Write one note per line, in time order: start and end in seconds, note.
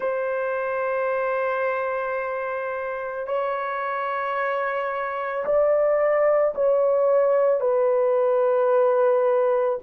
0.00 3.26 C5
3.26 5.44 C#5
5.45 6.54 D5
6.55 7.60 C#5
7.60 9.78 B4